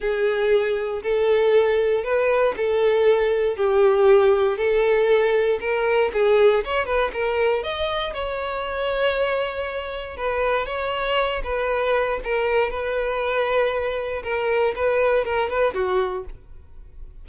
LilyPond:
\new Staff \with { instrumentName = "violin" } { \time 4/4 \tempo 4 = 118 gis'2 a'2 | b'4 a'2 g'4~ | g'4 a'2 ais'4 | gis'4 cis''8 b'8 ais'4 dis''4 |
cis''1 | b'4 cis''4. b'4. | ais'4 b'2. | ais'4 b'4 ais'8 b'8 fis'4 | }